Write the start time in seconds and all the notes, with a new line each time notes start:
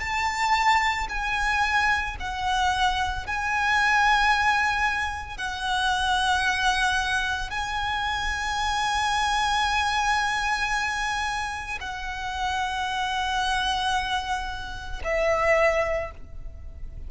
0.00 A5
1.09 G#5
2.20 F#5
3.26 G#5
5.37 F#5
7.50 G#5
11.81 F#5
15.03 E5